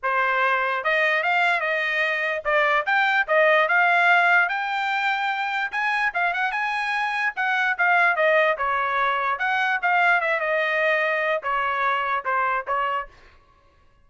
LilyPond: \new Staff \with { instrumentName = "trumpet" } { \time 4/4 \tempo 4 = 147 c''2 dis''4 f''4 | dis''2 d''4 g''4 | dis''4 f''2 g''4~ | g''2 gis''4 f''8 fis''8 |
gis''2 fis''4 f''4 | dis''4 cis''2 fis''4 | f''4 e''8 dis''2~ dis''8 | cis''2 c''4 cis''4 | }